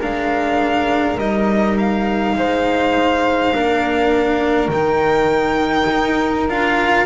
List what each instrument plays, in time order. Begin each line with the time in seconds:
0.00 double bass G#3, cello D4, flute A#4, violin F5
1.18 double bass G3, cello D#4, violin D#5
1.78 violin F5
2.36 double bass G#3, flute C5
3.54 double bass A#3, cello D4, flute A#4
4.68 double bass D#3, cello D#4, violin G5
5.90 double bass D#4
6.48 double bass D4, cello F4, violin F5